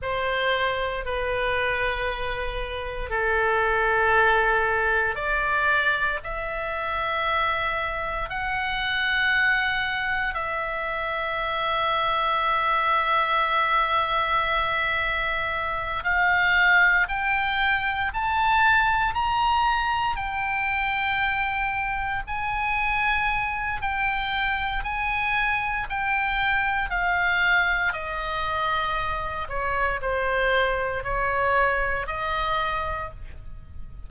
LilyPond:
\new Staff \with { instrumentName = "oboe" } { \time 4/4 \tempo 4 = 58 c''4 b'2 a'4~ | a'4 d''4 e''2 | fis''2 e''2~ | e''2.~ e''8 f''8~ |
f''8 g''4 a''4 ais''4 g''8~ | g''4. gis''4. g''4 | gis''4 g''4 f''4 dis''4~ | dis''8 cis''8 c''4 cis''4 dis''4 | }